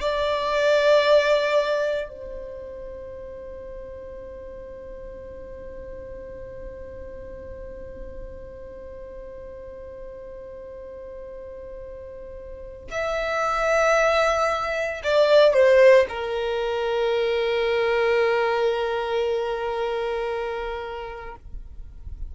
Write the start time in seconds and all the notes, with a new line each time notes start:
0.00 D5
2.09 C5
12.90 E5
15.03 D5
15.53 C5
16.09 A#4